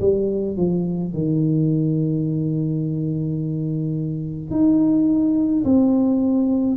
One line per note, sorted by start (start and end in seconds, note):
0.00 0.57 G3
0.57 1.13 F3
1.13 4.50 D#3
4.50 5.63 D#4
5.64 6.77 C4